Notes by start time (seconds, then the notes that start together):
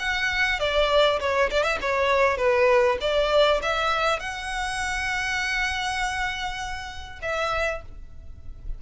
0.00 F#5
0.60 D5
1.21 C#5
1.51 D5
1.64 E5
1.82 C#5
2.38 B4
3.01 D5
3.63 E5
4.20 F#5
7.22 E5